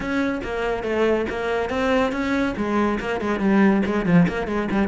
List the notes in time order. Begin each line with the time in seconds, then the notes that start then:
0.00 C#4
0.43 A#3
0.83 A3
1.29 A#3
1.69 C4
2.11 C#4
2.56 G#3
3.00 A#3
3.21 G#3
3.39 G3
3.85 G#3
4.05 F3
4.27 A#3
4.47 G#3
4.71 G3